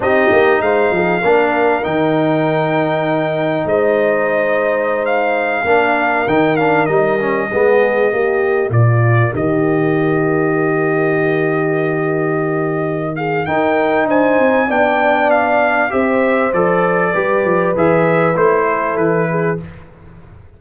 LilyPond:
<<
  \new Staff \with { instrumentName = "trumpet" } { \time 4/4 \tempo 4 = 98 dis''4 f''2 g''4~ | g''2 dis''2~ | dis''16 f''2 g''8 f''8 dis''8.~ | dis''2~ dis''16 d''4 dis''8.~ |
dis''1~ | dis''4. f''8 g''4 gis''4 | g''4 f''4 e''4 d''4~ | d''4 e''4 c''4 b'4 | }
  \new Staff \with { instrumentName = "horn" } { \time 4/4 g'4 c''8 gis'8 ais'2~ | ais'2 c''2~ | c''4~ c''16 ais'2~ ais'8.~ | ais'16 gis'4 g'4 f'4 g'8.~ |
g'1~ | g'4. gis'8 ais'4 c''4 | d''2 c''2 | b'2~ b'8 a'4 gis'8 | }
  \new Staff \with { instrumentName = "trombone" } { \time 4/4 dis'2 d'4 dis'4~ | dis'1~ | dis'4~ dis'16 d'4 dis'8 d'8 dis'8 cis'16~ | cis'16 b4 ais2~ ais8.~ |
ais1~ | ais2 dis'2 | d'2 g'4 a'4 | g'4 gis'4 e'2 | }
  \new Staff \with { instrumentName = "tuba" } { \time 4/4 c'8 ais8 gis8 f8 ais4 dis4~ | dis2 gis2~ | gis4~ gis16 ais4 dis4 g8.~ | g16 gis4 ais4 ais,4 dis8.~ |
dis1~ | dis2 dis'4 d'8 c'8 | b2 c'4 f4 | g8 f8 e4 a4 e4 | }
>>